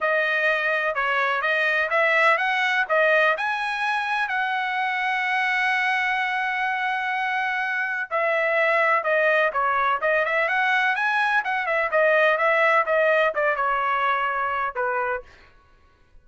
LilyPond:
\new Staff \with { instrumentName = "trumpet" } { \time 4/4 \tempo 4 = 126 dis''2 cis''4 dis''4 | e''4 fis''4 dis''4 gis''4~ | gis''4 fis''2.~ | fis''1~ |
fis''4 e''2 dis''4 | cis''4 dis''8 e''8 fis''4 gis''4 | fis''8 e''8 dis''4 e''4 dis''4 | d''8 cis''2~ cis''8 b'4 | }